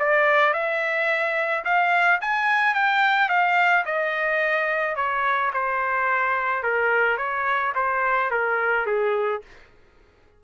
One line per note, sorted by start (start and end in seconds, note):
0.00 0.54 D5
0.54 1.65 E5
1.65 2.21 F5
2.21 2.75 G#5
2.75 3.29 G5
3.29 3.85 F5
3.86 4.96 D#5
4.96 5.52 C#5
5.54 6.64 C5
6.64 7.18 A#4
7.18 7.73 C#5
7.75 8.31 C5
8.31 8.87 A#4
8.87 9.42 G#4